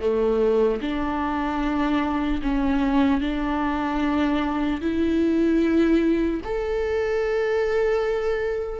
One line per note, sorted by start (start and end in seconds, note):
0.00 0.80 A3
0.81 2.41 D4
2.42 3.21 C#4
3.21 4.81 D4
4.81 6.41 E4
6.44 8.80 A4